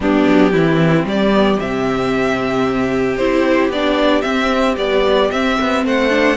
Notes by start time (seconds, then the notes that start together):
0.00 G3 B3 D4 G4
0.27 F#3
0.52 E3 C4 E4
1.04 G3 G4 D5
1.32 B3
1.59 C3 C4 E5
3.17 C4 E4 C5
3.69 B3 D4 D5
4.21 C4 E5
4.77 G3 B3 D5
5.30 C4 E5
5.60 B3
5.84 A3 C5 F#5
6.09 D4